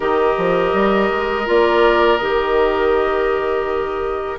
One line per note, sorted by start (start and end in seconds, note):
0.00 0.34 D#3
0.00 1.44 G4
0.00 4.38 A#4
0.00 1.48 D#5
0.37 0.73 F3
0.73 1.09 G3
1.10 1.47 G#3
1.45 2.20 A#3
1.45 2.18 F4
1.45 2.18 D5
2.18 4.39 D#3
2.18 4.39 G4
2.18 4.37 D#5